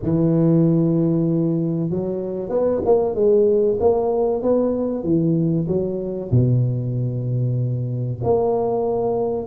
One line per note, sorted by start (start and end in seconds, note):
0.02 1.89 E3
1.89 2.49 F#3
2.49 2.80 B3
2.85 3.14 A#3
3.14 3.78 G#3
3.80 4.42 A#3
4.42 5.03 B3
5.03 5.66 E3
5.67 6.30 F#3
6.31 8.20 B2
8.23 9.46 A#3